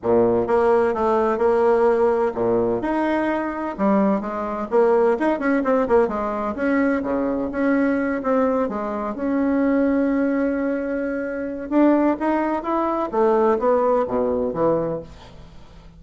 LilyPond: \new Staff \with { instrumentName = "bassoon" } { \time 4/4 \tempo 4 = 128 ais,4 ais4 a4 ais4~ | ais4 ais,4 dis'2 | g4 gis4 ais4 dis'8 cis'8 | c'8 ais8 gis4 cis'4 cis4 |
cis'4. c'4 gis4 cis'8~ | cis'1~ | cis'4 d'4 dis'4 e'4 | a4 b4 b,4 e4 | }